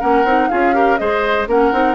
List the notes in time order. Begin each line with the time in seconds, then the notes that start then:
0.00 A#3 C#4 A#4 F#5
0.24 C4 D#4
0.49 C#4 F4 G#4 F5
0.74 G4 A#4
0.98 G#3 G#4 C5 D#5
1.47 A#3 C#4 A#4 F#5
1.73 C4 D#4